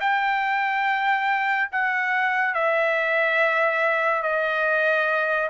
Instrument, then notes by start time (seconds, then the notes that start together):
trumpet
0.00 G5
1.71 F#5
2.54 E5
4.22 D#5